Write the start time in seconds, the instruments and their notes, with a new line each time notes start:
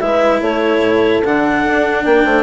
0.00 bassoon G#3, cello E4, horn B4, clarinet E5
0.41 bassoon A3, horn A4, clarinet C#5
0.80 bassoon A2
1.24 bassoon D3, cello D4, clarinet F#5
1.66 bassoon D4
2.05 bassoon A#3, horn A#4, clarinet G5
2.24 bassoon A3, horn C5